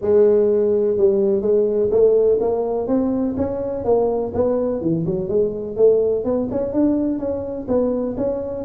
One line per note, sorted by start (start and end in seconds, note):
0.01 0.97 G#3
0.97 1.41 G3
1.41 1.89 G#3
1.90 2.38 A3
2.40 2.87 A#3
2.87 3.35 C4
3.36 3.84 C#4
3.84 4.32 A#3
4.34 4.81 B3
4.81 5.05 E3
5.06 5.28 F#3
5.28 5.76 G#3
5.76 6.24 A3
6.24 6.48 B3
6.51 6.72 C#4
6.72 7.19 D4
7.19 7.67 C#4
7.68 8.16 B3
8.17 8.64 C#4